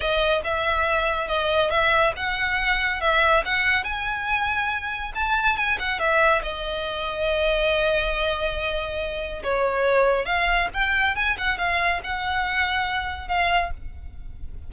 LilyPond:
\new Staff \with { instrumentName = "violin" } { \time 4/4 \tempo 4 = 140 dis''4 e''2 dis''4 | e''4 fis''2 e''4 | fis''4 gis''2. | a''4 gis''8 fis''8 e''4 dis''4~ |
dis''1~ | dis''2 cis''2 | f''4 g''4 gis''8 fis''8 f''4 | fis''2. f''4 | }